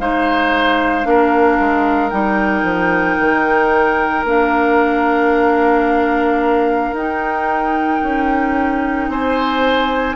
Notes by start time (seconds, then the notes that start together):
0.00 G#3 D#4 C5 F5
1.04 A#3 D4 A#4
1.60 G#3
2.10 G3 D#4 G5
2.63 F3
3.20 D#3
4.24 A#3 D4 F5
6.93 D#4 G5
8.03 C#4
9.09 C4 C5 G#5